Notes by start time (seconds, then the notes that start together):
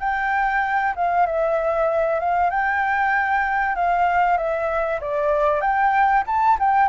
0.00 G5
0.96 F5
1.26 E5
2.20 F5
2.51 G5
3.76 F5
4.38 E5
5.01 D5
5.61 G5
6.27 A5
6.60 G5